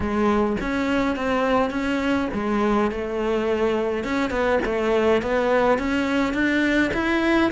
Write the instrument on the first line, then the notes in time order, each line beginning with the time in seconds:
cello
0.00 G#3
0.60 C#4
1.15 C4
1.70 C#4
2.33 G#3
2.91 A3
4.04 C#4
4.30 B3
4.65 A3
5.22 B3
5.78 C#4
6.33 D4
6.93 E4